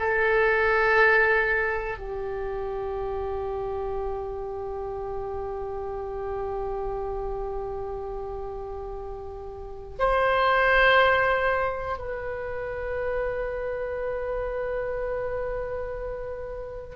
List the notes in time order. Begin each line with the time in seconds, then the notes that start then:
0.00 A4
1.98 G4
10.00 C5
11.99 B4